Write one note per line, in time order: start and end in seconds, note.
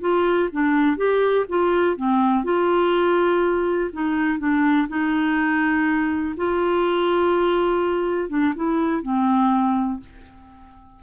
0.00 0.49 F4
0.52 0.97 D4
0.97 1.45 G4
1.49 1.96 F4
1.96 2.44 C4
2.44 3.90 F4
3.92 4.39 D#4
4.39 4.87 D4
4.88 6.35 D#4
6.37 8.29 F4
8.29 8.53 D4
8.55 9.02 E4
9.02 10.00 C4